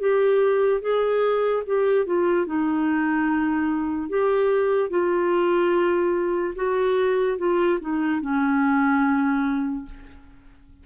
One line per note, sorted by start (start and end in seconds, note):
0.00 0.81 G4
0.81 1.63 G#4
1.66 2.06 G4
2.06 2.46 F4
2.46 4.09 D#4
4.09 4.90 G4
4.90 6.54 F4
6.56 7.38 F#4
7.38 7.79 F4
7.80 8.21 D#4
8.21 9.86 C#4